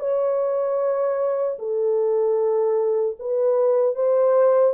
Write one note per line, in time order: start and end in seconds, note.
0.00 1.58 C#5
1.59 3.17 A4
3.20 3.95 B4
3.95 4.74 C5